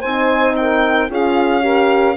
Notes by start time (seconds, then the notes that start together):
0.00 C4 D#4 C5 G#5
0.56 A#4 G5
1.09 C#4 F4 G#4 F5
1.61 G4 A#4